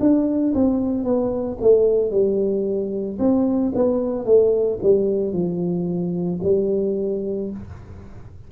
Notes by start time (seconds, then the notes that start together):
0.00 D4
0.55 C4
1.04 B3
1.61 A3
2.11 G3
3.19 C4
3.75 B3
4.25 A3
4.82 G3
5.33 F3
6.43 G3